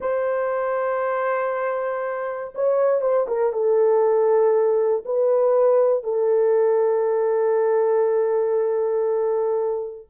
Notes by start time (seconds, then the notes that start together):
0.00 C5
2.54 C#5
3.01 C5
3.27 A#4
3.52 A4
5.05 B4
6.03 A4